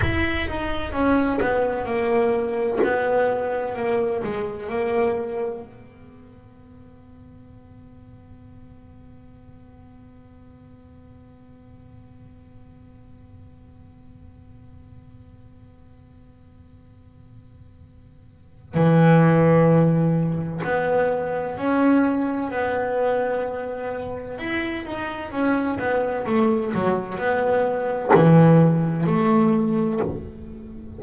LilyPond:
\new Staff \with { instrumentName = "double bass" } { \time 4/4 \tempo 4 = 64 e'8 dis'8 cis'8 b8 ais4 b4 | ais8 gis8 ais4 b2~ | b1~ | b1~ |
b1 | e2 b4 cis'4 | b2 e'8 dis'8 cis'8 b8 | a8 fis8 b4 e4 a4 | }